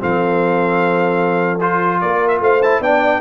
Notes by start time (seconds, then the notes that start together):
0.00 F3 C4 A4 F5
1.61 F4 C5
2.01 A#3 A#4 D5
2.29 E5
2.40 A3 C5 F5
2.63 E4 A5
2.81 B3 D4 D5 G5